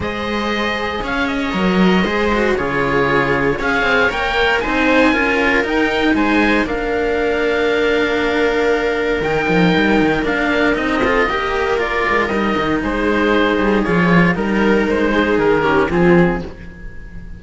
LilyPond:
<<
  \new Staff \with { instrumentName = "oboe" } { \time 4/4 \tempo 4 = 117 dis''2 f''8 dis''4.~ | dis''4 cis''2 f''4 | g''4 gis''2 g''4 | gis''4 f''2.~ |
f''2 g''2 | f''4 dis''2 d''4 | dis''4 c''2 cis''4 | ais'4 c''4 ais'4 gis'4 | }
  \new Staff \with { instrumentName = "viola" } { \time 4/4 c''2 cis''2 | c''4 gis'2 cis''4~ | cis''4 c''4 ais'2 | c''4 ais'2.~ |
ais'1~ | ais'4. a'8 ais'2~ | ais'4 gis'2. | ais'4. gis'4 g'8 f'4 | }
  \new Staff \with { instrumentName = "cello" } { \time 4/4 gis'2. ais'4 | gis'8 fis'8 f'2 gis'4 | ais'4 dis'4 f'4 dis'4~ | dis'4 d'2.~ |
d'2 dis'2 | d'4 dis'8 f'8 g'4 f'4 | dis'2. f'4 | dis'2~ dis'8 cis'8 c'4 | }
  \new Staff \with { instrumentName = "cello" } { \time 4/4 gis2 cis'4 fis4 | gis4 cis2 cis'8 c'8 | ais4 c'4 cis'4 dis'4 | gis4 ais2.~ |
ais2 dis8 f8 g8 dis8 | ais4 c'4 ais4. gis8 | g8 dis8 gis4. g8 f4 | g4 gis4 dis4 f4 | }
>>